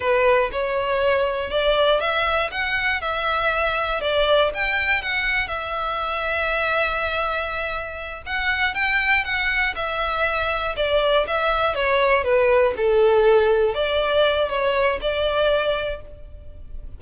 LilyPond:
\new Staff \with { instrumentName = "violin" } { \time 4/4 \tempo 4 = 120 b'4 cis''2 d''4 | e''4 fis''4 e''2 | d''4 g''4 fis''4 e''4~ | e''1~ |
e''8 fis''4 g''4 fis''4 e''8~ | e''4. d''4 e''4 cis''8~ | cis''8 b'4 a'2 d''8~ | d''4 cis''4 d''2 | }